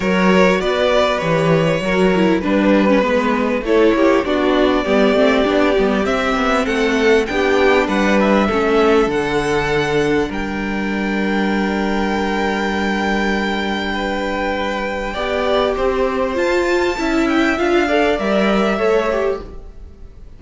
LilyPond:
<<
  \new Staff \with { instrumentName = "violin" } { \time 4/4 \tempo 4 = 99 cis''4 d''4 cis''2 | b'2 cis''4 d''4~ | d''2 e''4 fis''4 | g''4 fis''8 e''4. fis''4~ |
fis''4 g''2.~ | g''1~ | g''2. a''4~ | a''8 g''8 f''4 e''2 | }
  \new Staff \with { instrumentName = "violin" } { \time 4/4 ais'4 b'2 ais'4 | b'2 a'8 g'8 fis'4 | g'2. a'4 | g'4 b'4 a'2~ |
a'4 ais'2.~ | ais'2. b'4~ | b'4 d''4 c''2 | e''4. d''4. cis''4 | }
  \new Staff \with { instrumentName = "viola" } { \time 4/4 fis'2 g'4 fis'8 e'8 | d'8. cis'16 b4 e'4 d'4 | b8 c'8 d'8 b8 c'2 | d'2 cis'4 d'4~ |
d'1~ | d'1~ | d'4 g'2 f'4 | e'4 f'8 a'8 ais'4 a'8 g'8 | }
  \new Staff \with { instrumentName = "cello" } { \time 4/4 fis4 b4 e4 fis4 | g4 gis4 a8 ais8 b4 | g8 a8 b8 g8 c'8 b8 a4 | b4 g4 a4 d4~ |
d4 g2.~ | g1~ | g4 b4 c'4 f'4 | cis'4 d'4 g4 a4 | }
>>